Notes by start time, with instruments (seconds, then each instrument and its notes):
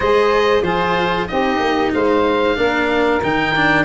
0.00 tuba G#3, cello G#4, saxophone C5, oboe D#5
0.62 tuba F3, cello F4, saxophone G#4, oboe C5
1.27 tuba C4, cello D#4, saxophone G4, oboe D#5
1.59 tuba A#3
1.93 tuba G#3, saxophone C5, oboe F5
2.55 tuba A#3, cello D4, saxophone A#4
3.23 tuba D#3, cello D#4, oboe G5
3.55 cello D4